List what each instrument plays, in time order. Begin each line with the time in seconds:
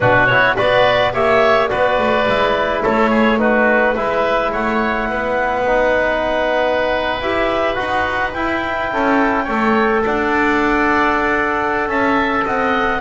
0.00 double bass B2, trombone D4, oboe F#4, clarinet B4
0.26 trombone E4, clarinet C#5
0.55 double bass B3, trombone F#4, oboe B4, clarinet D5
1.13 double bass A#3, trombone G4, oboe C#5, clarinet E5
1.68 double bass B3, trombone F#4, oboe B4, clarinet D5
1.98 double bass A3
2.27 double bass G#3, trombone E4
2.83 double bass A3, oboe A4, clarinet C#5
3.10 oboe G#4
3.38 trombone D#4, oboe F#4, clarinet B4
3.94 double bass G#3, trombone E4, oboe B4, clarinet E5
4.51 double bass A3, oboe C#5, clarinet F#5
5.09 double bass B3, oboe B4
5.66 trombone D#4
7.20 double bass E4, trombone G4, clarinet E5
7.74 double bass D#4, trombone F#4, clarinet F#5
8.32 double bass E4, trombone E4, clarinet G5
8.92 double bass C#4, oboe A4
9.44 double bass A3, trombone A4, oboe C#5
10.05 double bass D4, oboe D5, clarinet F#5
11.87 double bass C#4, oboe E5, clarinet A5
12.44 double bass C4, oboe D#5, clarinet F#5